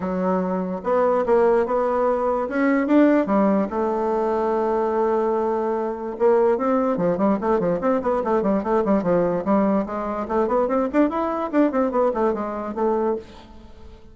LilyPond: \new Staff \with { instrumentName = "bassoon" } { \time 4/4 \tempo 4 = 146 fis2 b4 ais4 | b2 cis'4 d'4 | g4 a2.~ | a2. ais4 |
c'4 f8 g8 a8 f8 c'8 b8 | a8 g8 a8 g8 f4 g4 | gis4 a8 b8 c'8 d'8 e'4 | d'8 c'8 b8 a8 gis4 a4 | }